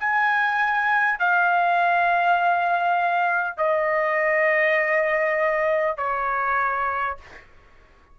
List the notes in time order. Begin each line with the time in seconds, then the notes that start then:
0.00 G#5
1.19 F5
3.58 D#5
5.98 C#5